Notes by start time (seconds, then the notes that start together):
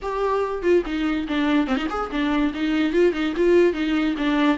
0.02 G4
0.62 F4
0.85 D#4
1.28 D4
1.67 C4
1.76 D#4
1.89 G#4
2.11 D4
2.54 D#4
2.93 F4
3.12 D#4
3.36 F4
3.73 D#4
4.17 D4